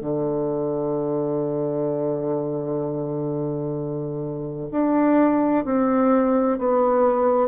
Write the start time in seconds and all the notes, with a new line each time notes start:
0.00 D3
4.71 D4
5.64 C4
6.58 B3